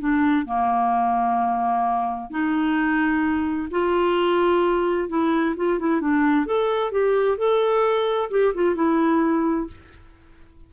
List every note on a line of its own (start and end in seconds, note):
0.00 0.46 D4
0.46 2.31 A#3
2.31 3.69 D#4
3.71 5.09 F4
5.09 5.55 E4
5.57 5.80 F4
5.80 6.01 E4
6.01 6.46 D4
6.46 6.92 A4
6.92 7.38 G4
7.38 8.30 A4
8.31 8.54 G4
8.55 8.75 F4
8.75 9.68 E4